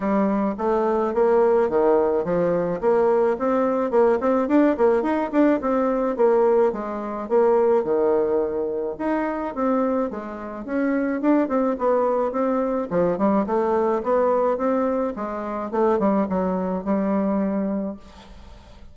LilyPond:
\new Staff \with { instrumentName = "bassoon" } { \time 4/4 \tempo 4 = 107 g4 a4 ais4 dis4 | f4 ais4 c'4 ais8 c'8 | d'8 ais8 dis'8 d'8 c'4 ais4 | gis4 ais4 dis2 |
dis'4 c'4 gis4 cis'4 | d'8 c'8 b4 c'4 f8 g8 | a4 b4 c'4 gis4 | a8 g8 fis4 g2 | }